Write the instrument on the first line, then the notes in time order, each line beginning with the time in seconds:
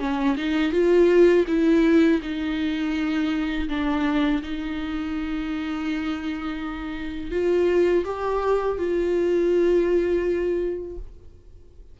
viola
0.00 C#4
0.37 D#4
0.72 F4
1.48 E4
2.22 D#4
3.69 D4
4.43 D#4
7.32 F4
8.05 G4
8.79 F4